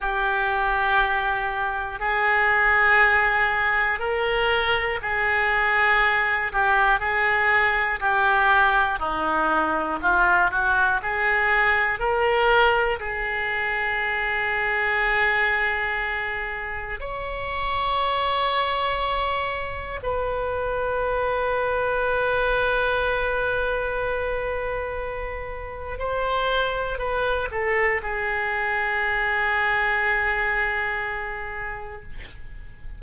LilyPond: \new Staff \with { instrumentName = "oboe" } { \time 4/4 \tempo 4 = 60 g'2 gis'2 | ais'4 gis'4. g'8 gis'4 | g'4 dis'4 f'8 fis'8 gis'4 | ais'4 gis'2.~ |
gis'4 cis''2. | b'1~ | b'2 c''4 b'8 a'8 | gis'1 | }